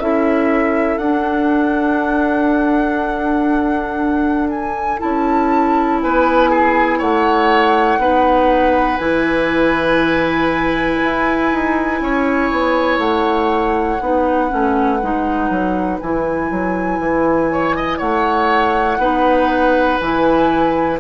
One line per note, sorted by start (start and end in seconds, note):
0.00 0.98 C#4
0.00 1.01 E4
0.00 6.03 A4
0.00 0.99 E5
0.98 4.98 D4
0.98 5.00 D4
0.98 4.49 F#5
4.50 5.00 G#5
5.00 6.03 C#4
5.00 8.00 E4
5.00 6.00 A5
6.02 7.01 B3
6.02 6.50 B4
6.02 7.01 G#5
6.50 6.99 G#4
6.99 7.99 A3
6.99 7.99 C#5
6.99 8.98 F#5
7.99 8.99 B3
7.99 8.99 D#4
7.99 12.01 B4
8.98 11.00 E3
8.98 13.99 E4
8.98 12.98 G#5
11.03 11.52 E4
11.52 12.01 D#4
12.01 12.51 C#4
12.01 14.03 C#5
12.51 12.99 B3
12.99 13.99 A3
12.99 16.00 F#5
14.01 14.51 B3
14.01 14.49 D#4
14.01 17.52 B4
14.49 15.03 A3
14.49 14.99 C#4
15.03 15.50 G#3
15.03 16.02 D#4
15.50 16.00 F#3
16.00 16.51 E3
16.00 19.00 E4
16.00 17.99 G#5
16.51 16.99 F#3
16.99 17.99 E3
17.52 17.76 C#5
17.76 17.98 D#5
17.98 18.99 A3
17.98 18.98 C#5
17.98 19.99 F#5
18.99 19.99 B3
18.99 20.00 D#4
18.99 21.00 B4
20.00 21.01 E3
20.00 21.01 E4
20.00 21.00 G#5